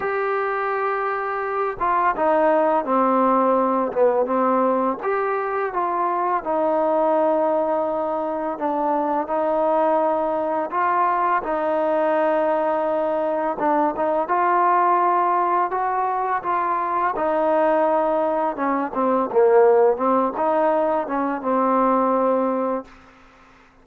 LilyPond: \new Staff \with { instrumentName = "trombone" } { \time 4/4 \tempo 4 = 84 g'2~ g'8 f'8 dis'4 | c'4. b8 c'4 g'4 | f'4 dis'2. | d'4 dis'2 f'4 |
dis'2. d'8 dis'8 | f'2 fis'4 f'4 | dis'2 cis'8 c'8 ais4 | c'8 dis'4 cis'8 c'2 | }